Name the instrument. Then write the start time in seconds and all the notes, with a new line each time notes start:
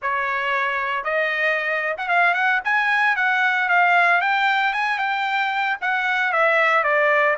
trumpet
0.01 C#5
1.04 D#5
1.97 F#5
2.08 F5
2.33 F#5
2.64 G#5
3.16 F#5
3.68 F5
4.21 G5
4.73 G#5
4.98 G5
5.81 F#5
6.32 E5
6.83 D5